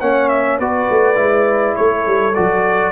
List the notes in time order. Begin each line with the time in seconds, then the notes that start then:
0.00 A#3 C#4 C#5 F#5
0.29 E5
0.59 B3 F#4 B4 D5
0.90 A3
1.16 G#3 E4
1.76 A3 A4 C#5
2.07 G3
2.35 F#3 F#4 D5